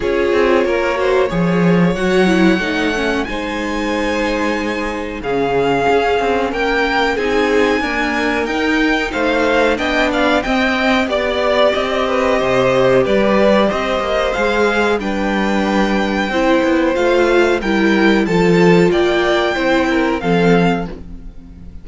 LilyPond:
<<
  \new Staff \with { instrumentName = "violin" } { \time 4/4 \tempo 4 = 92 cis''2. fis''4~ | fis''4 gis''2. | f''2 g''4 gis''4~ | gis''4 g''4 f''4 g''8 f''8 |
g''4 d''4 dis''2 | d''4 dis''4 f''4 g''4~ | g''2 f''4 g''4 | a''4 g''2 f''4 | }
  \new Staff \with { instrumentName = "violin" } { \time 4/4 gis'4 ais'8 c''8 cis''2~ | cis''4 c''2. | gis'2 ais'4 gis'4 | ais'2 c''4 dis''8 d''8 |
dis''4 d''4. b'8 c''4 | b'4 c''2 b'4~ | b'4 c''2 ais'4 | a'4 d''4 c''8 ais'8 a'4 | }
  \new Staff \with { instrumentName = "viola" } { \time 4/4 f'4. fis'8 gis'4 fis'8 e'8 | dis'8 cis'8 dis'2. | cis'2. dis'4 | ais4 dis'2 d'4 |
c'4 g'2.~ | g'2 gis'4 d'4~ | d'4 e'4 f'4 e'4 | f'2 e'4 c'4 | }
  \new Staff \with { instrumentName = "cello" } { \time 4/4 cis'8 c'8 ais4 f4 fis4 | a4 gis2. | cis4 cis'8 c'8 ais4 c'4 | d'4 dis'4 a4 b4 |
c'4 b4 c'4 c4 | g4 c'8 ais8 gis4 g4~ | g4 c'8 b8 a4 g4 | f4 ais4 c'4 f4 | }
>>